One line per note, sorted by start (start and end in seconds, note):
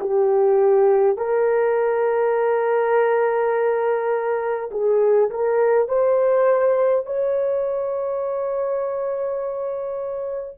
0.00 1.17 G4
1.17 4.70 A#4
4.71 5.29 G#4
5.29 5.88 A#4
5.88 7.05 C5
7.05 10.57 C#5